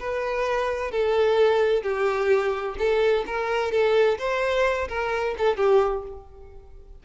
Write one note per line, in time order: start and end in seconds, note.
0.00 0.91 B4
0.91 1.83 A4
1.83 2.76 G4
2.79 3.25 A4
3.27 3.72 A#4
3.72 4.18 A4
4.19 4.88 C5
4.89 5.35 A#4
5.38 5.57 A4
5.57 6.04 G4